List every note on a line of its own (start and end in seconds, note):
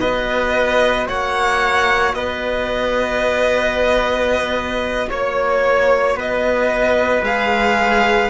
0.00 1.08 B3
0.00 7.25 F#4
0.00 1.07 B4
0.00 1.07 D#5
1.07 2.13 A#3
1.07 2.14 C#5
1.07 2.14 F#5
2.13 5.08 B3
2.13 5.09 B4
2.13 5.09 D#5
5.09 6.15 A#3
5.09 6.16 C#5
5.09 6.19 C#5
6.15 7.22 B3
6.15 8.30 B4
6.15 7.24 D#5
7.22 8.29 G#3
7.22 8.30 G#4
7.22 8.30 F5